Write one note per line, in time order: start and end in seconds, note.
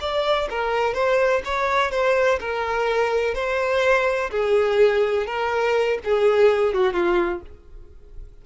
0.00 0.48 D5
0.50 0.94 A#4
0.94 1.42 C5
1.44 1.91 C#5
1.91 2.39 C5
2.40 3.34 A#4
3.34 4.30 C5
4.30 5.26 G#4
5.26 5.98 A#4
6.04 6.74 G#4
6.74 6.93 F#4
6.93 7.41 F4